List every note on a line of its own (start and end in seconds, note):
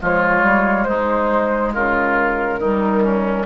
0.00 0.43 F3
0.00 2.61 G#3
0.00 0.88 F4
0.00 0.85 C#5
0.43 0.86 G3
0.85 1.76 G#3
0.85 1.74 D#4
0.85 1.72 C5
1.74 2.59 C#3
1.74 2.60 F4
1.74 3.46 A#4
2.59 3.46 D#3
2.59 3.46 G3
2.59 3.03 D#4
3.03 3.46 C#4